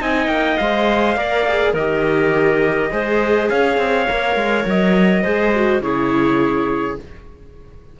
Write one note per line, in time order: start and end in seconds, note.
0.00 0.27 C4
0.00 0.58 D#4
0.00 1.17 D#5
0.00 0.29 G#5
0.27 0.57 A#3
0.27 0.58 G5
0.58 1.17 G#3
0.58 1.17 C5
0.58 1.74 F5
1.17 1.74 A#3
1.17 1.46 A#4
1.17 1.73 D5
1.48 1.77 G#4
1.73 2.90 D#3
1.73 2.92 G4
1.73 2.90 A#4
1.73 3.50 D#5
2.92 3.50 G#3
2.92 4.09 G#4
2.92 3.51 C5
3.50 3.78 C#4
3.50 5.24 C#5
3.50 4.67 F5
3.78 4.07 C4
4.09 4.36 A#3
4.09 5.25 A#4
4.36 4.65 G#3
4.66 5.25 F#3
4.66 5.83 D#5
5.24 5.81 G#3
5.24 5.54 G#4
5.24 5.82 C5
5.55 5.83 F#4
5.81 6.97 C#3
5.81 6.99 E4
5.81 7.00 G#4
5.81 6.99 C#5